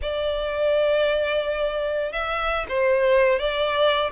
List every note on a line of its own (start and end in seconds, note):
0.02 2.12 D5
2.12 2.66 E5
2.68 3.39 C5
3.39 4.10 D5